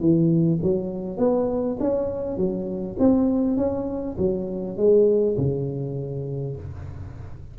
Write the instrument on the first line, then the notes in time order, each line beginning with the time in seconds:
tuba
0.00 E3
0.62 F#3
1.17 B3
1.80 C#4
2.37 F#3
2.99 C4
3.57 C#4
4.18 F#3
4.77 G#3
5.37 C#3